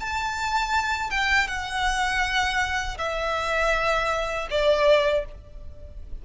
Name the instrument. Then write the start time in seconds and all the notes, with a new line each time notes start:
violin
0.00 A5
1.10 G5
1.48 F#5
2.98 E5
4.50 D5